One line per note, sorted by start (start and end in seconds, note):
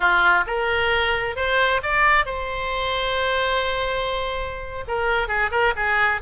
0.00 0.44 F4
0.47 1.36 A#4
1.36 1.81 C5
1.82 2.25 D5
2.25 4.85 C5
4.87 5.28 A#4
5.28 5.50 G#4
5.51 5.73 A#4
5.76 6.21 G#4